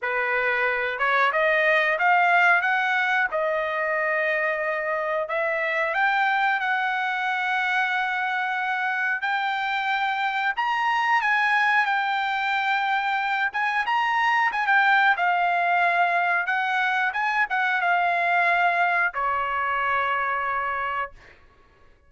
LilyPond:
\new Staff \with { instrumentName = "trumpet" } { \time 4/4 \tempo 4 = 91 b'4. cis''8 dis''4 f''4 | fis''4 dis''2. | e''4 g''4 fis''2~ | fis''2 g''2 |
ais''4 gis''4 g''2~ | g''8 gis''8 ais''4 gis''16 g''8. f''4~ | f''4 fis''4 gis''8 fis''8 f''4~ | f''4 cis''2. | }